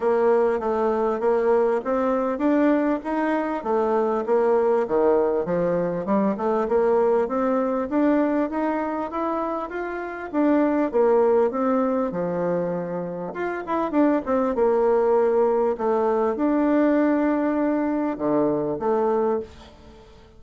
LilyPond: \new Staff \with { instrumentName = "bassoon" } { \time 4/4 \tempo 4 = 99 ais4 a4 ais4 c'4 | d'4 dis'4 a4 ais4 | dis4 f4 g8 a8 ais4 | c'4 d'4 dis'4 e'4 |
f'4 d'4 ais4 c'4 | f2 f'8 e'8 d'8 c'8 | ais2 a4 d'4~ | d'2 d4 a4 | }